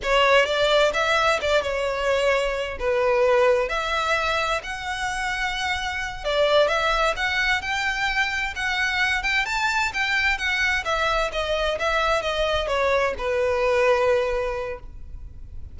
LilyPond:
\new Staff \with { instrumentName = "violin" } { \time 4/4 \tempo 4 = 130 cis''4 d''4 e''4 d''8 cis''8~ | cis''2 b'2 | e''2 fis''2~ | fis''4. d''4 e''4 fis''8~ |
fis''8 g''2 fis''4. | g''8 a''4 g''4 fis''4 e''8~ | e''8 dis''4 e''4 dis''4 cis''8~ | cis''8 b'2.~ b'8 | }